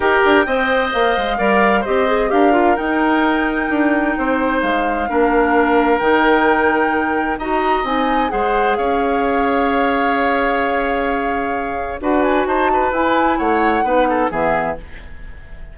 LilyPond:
<<
  \new Staff \with { instrumentName = "flute" } { \time 4/4 \tempo 4 = 130 g''2 f''2 | dis''4 f''4 g''2~ | g''2 f''2~ | f''4 g''2. |
ais''4 gis''4 fis''4 f''4~ | f''1~ | f''2 fis''8 gis''8 a''4 | gis''4 fis''2 e''4 | }
  \new Staff \with { instrumentName = "oboe" } { \time 4/4 ais'4 dis''2 d''4 | c''4 ais'2.~ | ais'4 c''2 ais'4~ | ais'1 |
dis''2 c''4 cis''4~ | cis''1~ | cis''2 b'4 c''8 b'8~ | b'4 cis''4 b'8 a'8 gis'4 | }
  \new Staff \with { instrumentName = "clarinet" } { \time 4/4 g'4 c''2 ais'4 | g'8 gis'8 g'8 f'8 dis'2~ | dis'2. d'4~ | d'4 dis'2. |
fis'4 dis'4 gis'2~ | gis'1~ | gis'2 fis'2 | e'2 dis'4 b4 | }
  \new Staff \with { instrumentName = "bassoon" } { \time 4/4 dis'8 d'8 c'4 ais8 gis8 g4 | c'4 d'4 dis'2 | d'4 c'4 gis4 ais4~ | ais4 dis2. |
dis'4 c'4 gis4 cis'4~ | cis'1~ | cis'2 d'4 dis'4 | e'4 a4 b4 e4 | }
>>